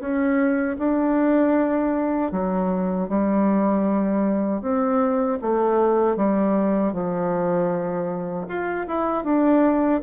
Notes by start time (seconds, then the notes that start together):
0.00 C#4
0.78 D4
2.31 F#3
3.08 G3
4.61 C4
5.41 A3
6.16 G3
6.93 F3
8.48 F4
8.87 E4
9.24 D4